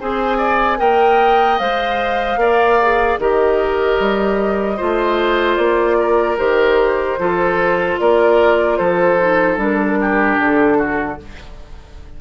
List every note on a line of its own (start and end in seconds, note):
0.00 0.80 C4
0.00 0.77 G#4
0.00 0.37 C5
0.00 0.80 G#5
0.37 0.77 D5
0.77 1.60 A#3
0.77 1.57 A#4
0.77 2.39 D#5
0.77 1.58 G5
1.58 2.37 G#3
1.58 2.38 C5
1.58 3.18 F5
2.37 3.17 A#3
2.37 2.78 A#4
2.37 3.20 D5
2.82 3.20 G#4
3.18 3.98 D#3
3.18 4.78 G4
3.18 4.77 A#4
3.18 5.56 D#5
4.00 4.79 G3
4.77 5.58 A3
4.77 6.37 F4
4.77 5.97 C5
5.56 6.38 A#3
5.56 6.36 D5
6.00 7.20 A#4
6.37 7.19 D#3
6.37 7.17 G4
6.37 7.98 C5
7.19 7.99 F3
7.19 9.19 F4
7.19 8.00 A4
7.99 8.79 A#3
7.99 8.78 A#4
7.99 8.77 D5
8.77 9.57 F3
8.77 9.98 A4
8.77 9.57 C5
9.19 9.57 D#4
9.57 10.37 G3
9.57 11.17 D4
9.57 10.41 A#4
10.01 10.78 G4
10.39 11.19 D3
10.39 11.21 A4
10.78 11.18 F#4